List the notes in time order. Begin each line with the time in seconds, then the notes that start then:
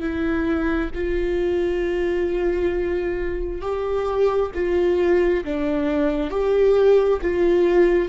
0.00 E4
0.94 F4
3.61 G4
4.54 F4
5.44 D4
6.30 G4
7.21 F4